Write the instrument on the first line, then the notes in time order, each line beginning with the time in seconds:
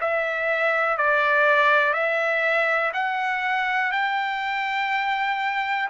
trumpet
0.00 E5
0.97 D5
1.93 E5
2.93 F#5
3.92 G5